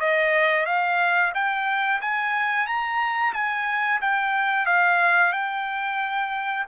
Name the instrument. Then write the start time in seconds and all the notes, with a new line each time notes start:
trumpet
0.00 D#5
0.66 F5
1.34 G5
2.01 G#5
2.66 A#5
3.34 G#5
4.01 G5
4.66 F5
5.32 G5